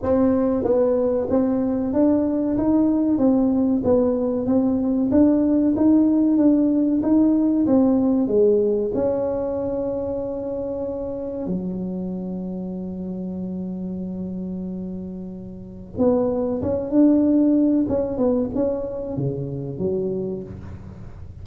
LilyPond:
\new Staff \with { instrumentName = "tuba" } { \time 4/4 \tempo 4 = 94 c'4 b4 c'4 d'4 | dis'4 c'4 b4 c'4 | d'4 dis'4 d'4 dis'4 | c'4 gis4 cis'2~ |
cis'2 fis2~ | fis1~ | fis4 b4 cis'8 d'4. | cis'8 b8 cis'4 cis4 fis4 | }